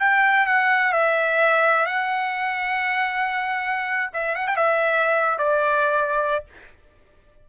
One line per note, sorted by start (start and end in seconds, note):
0.00 0.47 G5
0.47 0.93 F#5
0.93 1.86 E5
1.86 4.11 F#5
4.14 4.36 E5
4.36 4.47 F#5
4.47 4.57 G5
4.57 5.39 E5
5.39 6.45 D5